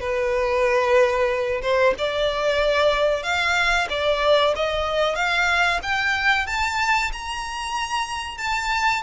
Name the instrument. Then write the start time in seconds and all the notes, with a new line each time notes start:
violin
0.00 B4
1.62 C5
1.98 D5
3.23 F5
3.89 D5
4.56 D#5
5.15 F5
5.83 G5
6.47 A5
7.13 A#5
8.38 A5